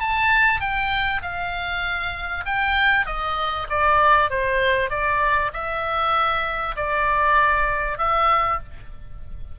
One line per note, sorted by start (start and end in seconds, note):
0.00 0.60 A5
0.60 1.21 G5
1.22 2.44 F5
2.45 3.06 G5
3.06 3.67 D#5
3.70 4.30 D5
4.30 4.90 C5
4.90 5.51 D5
5.53 6.75 E5
6.76 7.98 D5
7.98 8.59 E5